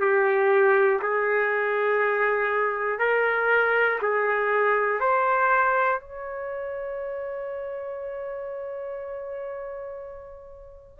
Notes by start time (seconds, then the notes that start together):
0.00 G4
1.01 G#4
2.99 A#4
4.02 G#4
5.00 C5
6.00 C#5